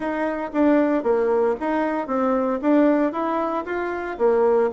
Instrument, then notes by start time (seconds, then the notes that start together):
bassoon
0.00 D#4
0.53 D4
1.03 A#3
1.60 D#4
2.07 C4
2.61 D4
3.12 E4
3.65 F4
4.17 A#3